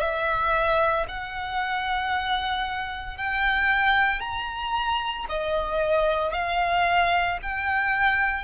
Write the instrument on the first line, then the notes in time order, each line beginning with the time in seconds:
violin
0.00 E5
1.08 F#5
3.17 G5
4.20 A#5
5.29 D#5
6.33 F5
7.42 G5